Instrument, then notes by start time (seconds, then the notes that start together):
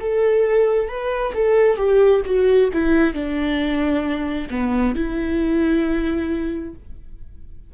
viola
0.00 A4
0.89 B4
1.34 A4
1.77 G4
2.26 F#4
2.73 E4
3.14 D4
4.50 B3
4.95 E4